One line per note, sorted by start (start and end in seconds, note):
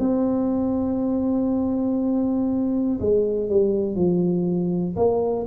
0.00 3.00 C4
3.00 3.50 G#3
3.50 3.96 G3
3.96 4.96 F3
4.96 5.46 A#3